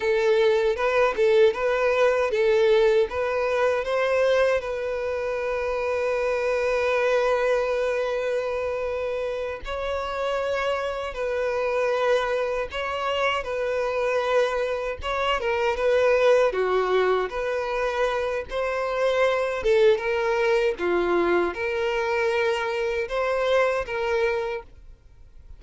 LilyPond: \new Staff \with { instrumentName = "violin" } { \time 4/4 \tempo 4 = 78 a'4 b'8 a'8 b'4 a'4 | b'4 c''4 b'2~ | b'1~ | b'8 cis''2 b'4.~ |
b'8 cis''4 b'2 cis''8 | ais'8 b'4 fis'4 b'4. | c''4. a'8 ais'4 f'4 | ais'2 c''4 ais'4 | }